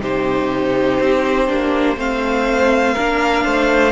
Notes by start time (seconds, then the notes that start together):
0.00 C3 D#4 G4 C5
1.00 C4
1.48 A#3 D4
1.97 A3 C4 C5 F5
2.94 A#3 D4 A#4
3.44 A3 C5